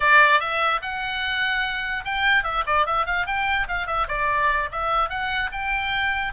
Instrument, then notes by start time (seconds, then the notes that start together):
oboe
0.00 D5
0.40 E5
0.82 F#5
2.04 G5
2.43 E5
2.66 D5
2.86 E5
3.05 F5
3.26 G5
3.68 F5
3.86 E5
4.08 D5
4.71 E5
5.09 F#5
5.52 G5